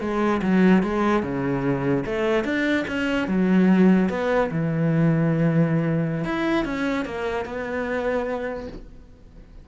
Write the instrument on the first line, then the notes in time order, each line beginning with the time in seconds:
cello
0.00 G#3
0.42 F#3
0.82 G#3
1.22 C#3
2.05 A3
2.44 D4
2.87 C#4
3.27 F#3
4.09 B3
4.51 E3
6.24 E4
6.65 C#4
7.05 A#3
7.45 B3